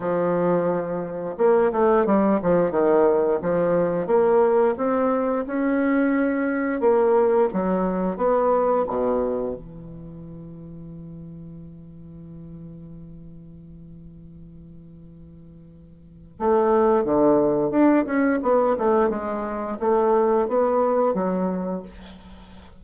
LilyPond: \new Staff \with { instrumentName = "bassoon" } { \time 4/4 \tempo 4 = 88 f2 ais8 a8 g8 f8 | dis4 f4 ais4 c'4 | cis'2 ais4 fis4 | b4 b,4 e2~ |
e1~ | e1 | a4 d4 d'8 cis'8 b8 a8 | gis4 a4 b4 fis4 | }